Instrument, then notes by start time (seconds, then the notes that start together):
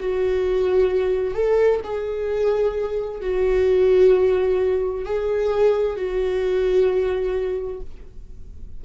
viola
0.00 F#4
1.35 A4
1.84 G#4
3.21 F#4
5.05 G#4
5.96 F#4